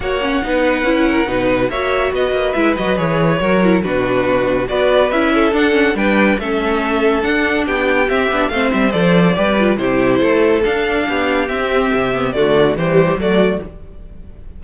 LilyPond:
<<
  \new Staff \with { instrumentName = "violin" } { \time 4/4 \tempo 4 = 141 fis''1 | e''4 dis''4 e''8 dis''8 cis''4~ | cis''4 b'2 d''4 | e''4 fis''4 g''4 e''4~ |
e''4 fis''4 g''4 e''4 | f''8 e''8 d''2 c''4~ | c''4 f''2 e''4~ | e''4 d''4 c''4 d''4 | }
  \new Staff \with { instrumentName = "violin" } { \time 4/4 cis''4 b'4. ais'8 b'4 | cis''4 b'2. | ais'4 fis'2 b'4~ | b'8 a'4. b'4 a'4~ |
a'2 g'2 | c''2 b'4 g'4 | a'2 g'2~ | g'4 fis'4 g'4 fis'4 | }
  \new Staff \with { instrumentName = "viola" } { \time 4/4 fis'8 cis'8 dis'4 e'4 dis'4 | fis'2 e'8 fis'8 gis'4 | fis'8 e'8 d'2 fis'4 | e'4 d'8 cis'8 d'4 cis'4~ |
cis'4 d'2 c'8 d'8 | c'4 a'4 g'8 f'8 e'4~ | e'4 d'2 c'4~ | c'8 b8 a4 g4 a4 | }
  \new Staff \with { instrumentName = "cello" } { \time 4/4 ais4 b4 cis'4 b,4 | ais4 b8 ais8 gis8 fis8 e4 | fis4 b,2 b4 | cis'4 d'4 g4 a4~ |
a4 d'4 b4 c'8 b8 | a8 g8 f4 g4 c4 | a4 d'4 b4 c'4 | c4 d4 e4 fis4 | }
>>